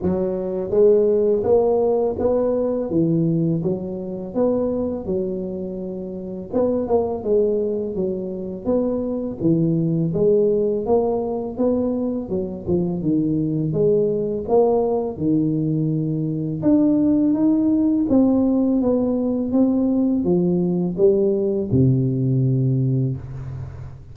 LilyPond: \new Staff \with { instrumentName = "tuba" } { \time 4/4 \tempo 4 = 83 fis4 gis4 ais4 b4 | e4 fis4 b4 fis4~ | fis4 b8 ais8 gis4 fis4 | b4 e4 gis4 ais4 |
b4 fis8 f8 dis4 gis4 | ais4 dis2 d'4 | dis'4 c'4 b4 c'4 | f4 g4 c2 | }